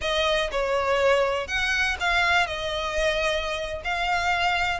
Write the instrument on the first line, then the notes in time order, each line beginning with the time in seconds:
violin
0.01 D#5
0.51 C#5
1.47 F#5
2.00 F5
2.46 D#5
3.84 F5